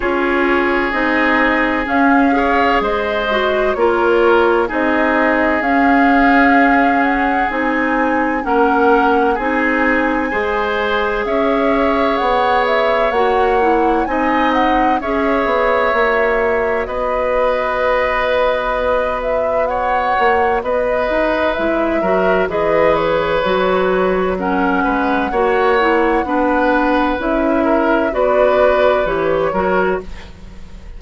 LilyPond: <<
  \new Staff \with { instrumentName = "flute" } { \time 4/4 \tempo 4 = 64 cis''4 dis''4 f''4 dis''4 | cis''4 dis''4 f''4. fis''8 | gis''4 fis''4 gis''2 | e''4 fis''8 e''8 fis''4 gis''8 fis''8 |
e''2 dis''2~ | dis''8 e''8 fis''4 dis''4 e''4 | dis''8 cis''4. fis''2~ | fis''4 e''4 d''4 cis''4 | }
  \new Staff \with { instrumentName = "oboe" } { \time 4/4 gis'2~ gis'8 cis''8 c''4 | ais'4 gis'2.~ | gis'4 ais'4 gis'4 c''4 | cis''2. dis''4 |
cis''2 b'2~ | b'4 cis''4 b'4. ais'8 | b'2 ais'8 b'8 cis''4 | b'4. ais'8 b'4. ais'8 | }
  \new Staff \with { instrumentName = "clarinet" } { \time 4/4 f'4 dis'4 cis'8 gis'4 fis'8 | f'4 dis'4 cis'2 | dis'4 cis'4 dis'4 gis'4~ | gis'2 fis'8 e'8 dis'4 |
gis'4 fis'2.~ | fis'2. e'8 fis'8 | gis'4 fis'4 cis'4 fis'8 e'8 | d'4 e'4 fis'4 g'8 fis'8 | }
  \new Staff \with { instrumentName = "bassoon" } { \time 4/4 cis'4 c'4 cis'4 gis4 | ais4 c'4 cis'2 | c'4 ais4 c'4 gis4 | cis'4 b4 ais4 c'4 |
cis'8 b8 ais4 b2~ | b4. ais8 b8 dis'8 gis8 fis8 | e4 fis4. gis8 ais4 | b4 cis'4 b4 e8 fis8 | }
>>